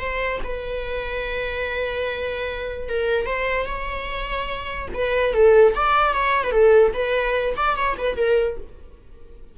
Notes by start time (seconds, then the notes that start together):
0.00 C5
0.45 B4
2.89 A#4
3.27 C5
3.67 C#5
4.95 B4
5.34 A4
5.75 D5
6.14 C#5
6.44 B4
6.52 A4
6.94 B4
7.57 D5
7.76 C#5
7.98 B4
8.17 A#4